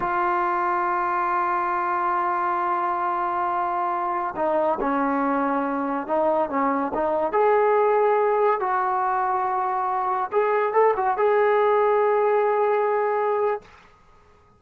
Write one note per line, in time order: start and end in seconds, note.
0.00 4.34 F4
4.36 4.78 D#4
4.80 6.07 C#4
6.07 6.49 D#4
6.49 6.92 C#4
6.94 7.32 D#4
7.32 8.60 G#4
8.60 10.30 F#4
10.32 10.73 G#4
10.73 10.94 A4
10.96 11.17 F#4
11.17 13.61 G#4